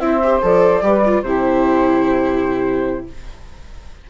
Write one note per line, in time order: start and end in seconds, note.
0.00 0.41 C4
0.00 0.21 E4
0.00 0.84 C5
0.00 0.41 E5
0.24 0.42 G4
0.42 0.82 F3
0.42 0.82 A4
0.42 1.23 D5
0.82 1.22 G3
0.82 1.02 G4
0.82 1.24 B4
1.05 1.25 F4
1.22 3.06 C3
1.22 3.10 E4
1.22 3.08 G4
1.22 3.07 C5